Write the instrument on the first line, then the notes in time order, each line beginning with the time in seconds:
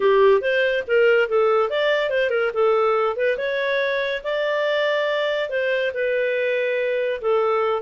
clarinet
0.00 G4
0.41 C5
0.87 A#4
1.28 A4
1.69 D5
2.09 C5
2.30 A#4
2.53 A4
3.16 B4
3.37 C#5
4.23 D5
5.49 C5
5.94 B4
7.21 A4